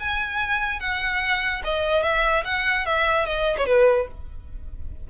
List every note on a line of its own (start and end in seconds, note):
0.00 0.80 G#5
0.80 1.62 F#5
1.64 2.03 D#5
2.03 2.44 E5
2.45 2.86 F#5
2.86 3.26 E5
3.26 3.57 D#5
3.58 3.66 C#5
3.66 4.08 B4